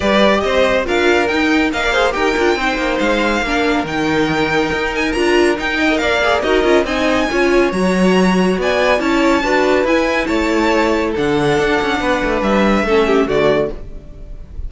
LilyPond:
<<
  \new Staff \with { instrumentName = "violin" } { \time 4/4 \tempo 4 = 140 d''4 dis''4 f''4 g''4 | f''4 g''2 f''4~ | f''4 g''2~ g''8 gis''8 | ais''4 g''4 f''4 dis''4 |
gis''2 ais''2 | gis''4 a''2 gis''4 | a''2 fis''2~ | fis''4 e''2 d''4 | }
  \new Staff \with { instrumentName = "violin" } { \time 4/4 b'4 c''4 ais'2 | dis''16 d''16 c''8 ais'4 c''2 | ais'1~ | ais'4. dis''8 d''4 ais'4 |
dis''4 cis''2. | d''4 cis''4 b'2 | cis''2 a'2 | b'2 a'8 g'8 fis'4 | }
  \new Staff \with { instrumentName = "viola" } { \time 4/4 g'2 f'4 dis'4 | ais'8 gis'8 g'8 f'8 dis'2 | d'4 dis'2. | f'4 dis'8. ais'8. gis'8 fis'8 f'8 |
dis'4 f'4 fis'2~ | fis'4 e'4 fis'4 e'4~ | e'2 d'2~ | d'2 cis'4 a4 | }
  \new Staff \with { instrumentName = "cello" } { \time 4/4 g4 c'4 d'4 dis'4 | ais4 dis'8 d'8 c'8 ais8 gis4 | ais4 dis2 dis'4 | d'4 dis'4 ais4 dis'8 cis'8 |
c'4 cis'4 fis2 | b4 cis'4 d'4 e'4 | a2 d4 d'8 cis'8 | b8 a8 g4 a4 d4 | }
>>